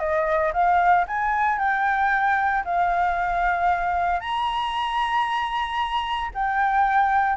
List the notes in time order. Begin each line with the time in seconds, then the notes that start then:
0.00 D#5
0.53 F5
1.08 G#5
1.59 G5
2.65 F5
4.21 A#5
6.35 G5